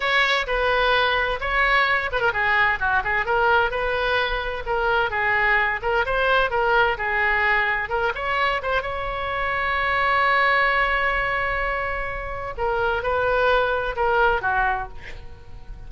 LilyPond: \new Staff \with { instrumentName = "oboe" } { \time 4/4 \tempo 4 = 129 cis''4 b'2 cis''4~ | cis''8 b'16 ais'16 gis'4 fis'8 gis'8 ais'4 | b'2 ais'4 gis'4~ | gis'8 ais'8 c''4 ais'4 gis'4~ |
gis'4 ais'8 cis''4 c''8 cis''4~ | cis''1~ | cis''2. ais'4 | b'2 ais'4 fis'4 | }